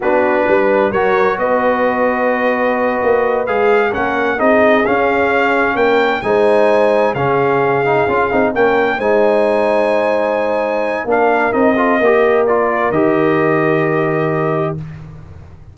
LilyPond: <<
  \new Staff \with { instrumentName = "trumpet" } { \time 4/4 \tempo 4 = 130 b'2 cis''4 dis''4~ | dis''2.~ dis''8 f''8~ | f''8 fis''4 dis''4 f''4.~ | f''8 g''4 gis''2 f''8~ |
f''2~ f''8 g''4 gis''8~ | gis''1 | f''4 dis''2 d''4 | dis''1 | }
  \new Staff \with { instrumentName = "horn" } { \time 4/4 fis'4 b'4 ais'4 b'4~ | b'1~ | b'8 ais'4 gis'2~ gis'8~ | gis'8 ais'4 c''2 gis'8~ |
gis'2~ gis'8 ais'4 c''8~ | c''1 | ais'4. a'8 ais'2~ | ais'1 | }
  \new Staff \with { instrumentName = "trombone" } { \time 4/4 d'2 fis'2~ | fis'2.~ fis'8 gis'8~ | gis'8 cis'4 dis'4 cis'4.~ | cis'4. dis'2 cis'8~ |
cis'4 dis'8 f'8 dis'8 cis'4 dis'8~ | dis'1 | d'4 dis'8 f'8 g'4 f'4 | g'1 | }
  \new Staff \with { instrumentName = "tuba" } { \time 4/4 b4 g4 fis4 b4~ | b2~ b8 ais4 gis8~ | gis8 ais4 c'4 cis'4.~ | cis'8 ais4 gis2 cis8~ |
cis4. cis'8 c'8 ais4 gis8~ | gis1 | ais4 c'4 ais2 | dis1 | }
>>